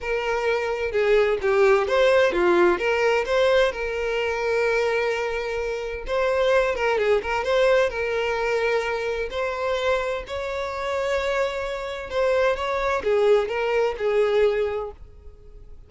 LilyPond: \new Staff \with { instrumentName = "violin" } { \time 4/4 \tempo 4 = 129 ais'2 gis'4 g'4 | c''4 f'4 ais'4 c''4 | ais'1~ | ais'4 c''4. ais'8 gis'8 ais'8 |
c''4 ais'2. | c''2 cis''2~ | cis''2 c''4 cis''4 | gis'4 ais'4 gis'2 | }